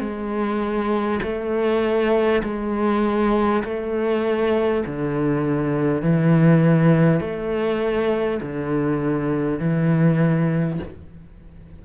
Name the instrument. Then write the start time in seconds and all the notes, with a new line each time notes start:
cello
0.00 G#3
1.22 A3
2.43 G#3
3.64 A3
4.86 D3
6.02 E3
7.20 A3
8.42 D3
9.59 E3